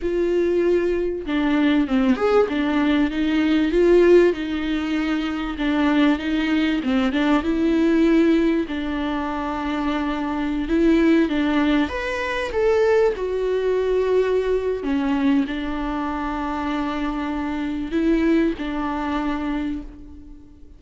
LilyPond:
\new Staff \with { instrumentName = "viola" } { \time 4/4 \tempo 4 = 97 f'2 d'4 c'8 gis'8 | d'4 dis'4 f'4 dis'4~ | dis'4 d'4 dis'4 c'8 d'8 | e'2 d'2~ |
d'4~ d'16 e'4 d'4 b'8.~ | b'16 a'4 fis'2~ fis'8. | cis'4 d'2.~ | d'4 e'4 d'2 | }